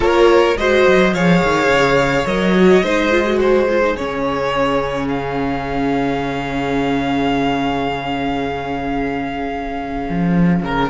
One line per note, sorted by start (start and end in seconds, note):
0.00 0.54 A#3
0.00 0.56 F4
0.00 0.57 A#4
0.00 0.57 C#5
0.57 0.85 G#3
0.57 1.14 F#4
0.57 1.13 C5
0.57 1.13 D#5
0.87 1.14 F#3
1.13 1.42 F3
1.13 2.26 G#4
1.13 2.83 C#5
1.13 2.26 F5
1.43 1.67 D#3
1.67 2.23 C#3
2.26 2.81 F#3
2.26 2.54 A#4
2.26 3.39 D#5
2.54 2.83 F#4
2.81 3.95 G#3
2.81 3.11 D#4
2.81 3.37 C5
3.11 3.25 F4
3.25 3.68 F#4
3.37 10.59 G#4
3.37 3.96 C5
3.69 3.81 F4
3.81 3.96 D#4
3.96 10.08 C#3
3.96 10.90 C#4
3.96 5.08 C#5
5.08 10.88 F5
10.09 10.62 F3
10.62 10.90 C#3
10.62 10.90 A#4